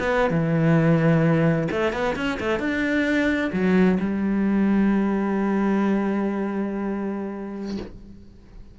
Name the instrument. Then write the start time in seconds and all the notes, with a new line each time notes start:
cello
0.00 B3
0.31 E3
1.72 A3
1.93 B3
2.16 C#4
2.40 A3
2.60 D4
3.53 F#3
4.00 G3